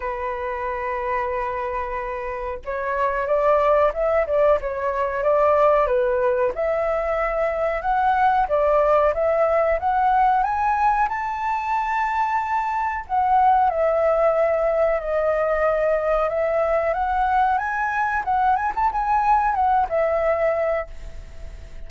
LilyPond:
\new Staff \with { instrumentName = "flute" } { \time 4/4 \tempo 4 = 92 b'1 | cis''4 d''4 e''8 d''8 cis''4 | d''4 b'4 e''2 | fis''4 d''4 e''4 fis''4 |
gis''4 a''2. | fis''4 e''2 dis''4~ | dis''4 e''4 fis''4 gis''4 | fis''8 gis''16 a''16 gis''4 fis''8 e''4. | }